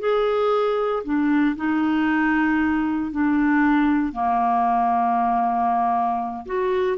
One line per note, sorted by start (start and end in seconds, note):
0.00 1.03 G#4
1.04 1.56 D4
1.56 3.11 D#4
3.11 4.13 D4
4.13 6.46 A#3
6.46 6.98 F#4